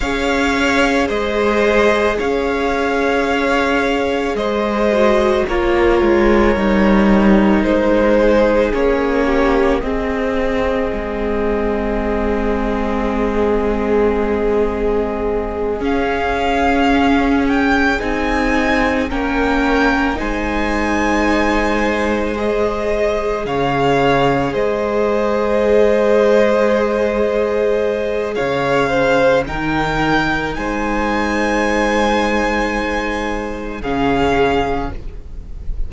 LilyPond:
<<
  \new Staff \with { instrumentName = "violin" } { \time 4/4 \tempo 4 = 55 f''4 dis''4 f''2 | dis''4 cis''2 c''4 | cis''4 dis''2.~ | dis''2~ dis''8 f''4. |
g''8 gis''4 g''4 gis''4.~ | gis''8 dis''4 f''4 dis''4.~ | dis''2 f''4 g''4 | gis''2. f''4 | }
  \new Staff \with { instrumentName = "violin" } { \time 4/4 cis''4 c''4 cis''2 | c''4 ais'2~ ais'8 gis'8~ | gis'8 g'8 gis'2.~ | gis'1~ |
gis'4. ais'4 c''4.~ | c''4. cis''4 c''4.~ | c''2 cis''8 c''8 ais'4 | c''2. gis'4 | }
  \new Staff \with { instrumentName = "viola" } { \time 4/4 gis'1~ | gis'8 fis'8 f'4 dis'2 | cis'4 c'2.~ | c'2~ c'8 cis'4.~ |
cis'8 dis'4 cis'4 dis'4.~ | dis'8 gis'2.~ gis'8~ | gis'2. dis'4~ | dis'2. cis'4 | }
  \new Staff \with { instrumentName = "cello" } { \time 4/4 cis'4 gis4 cis'2 | gis4 ais8 gis8 g4 gis4 | ais4 c'4 gis2~ | gis2~ gis8 cis'4.~ |
cis'8 c'4 ais4 gis4.~ | gis4. cis4 gis4.~ | gis2 cis4 dis4 | gis2. cis4 | }
>>